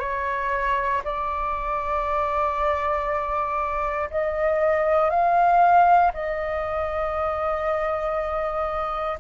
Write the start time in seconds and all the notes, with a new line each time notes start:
0.00 C#5
1.05 D5
4.11 D#5
5.11 F5
6.14 D#5